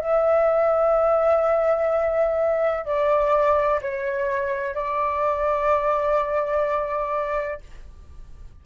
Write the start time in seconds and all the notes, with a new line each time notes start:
0.00 E5
2.84 D5
3.81 C#5
4.74 D5